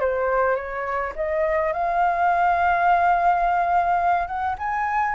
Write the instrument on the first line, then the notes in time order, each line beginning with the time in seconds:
flute
0.00 C5
0.56 C#5
1.16 D#5
1.73 F5
4.27 F#5
4.58 G#5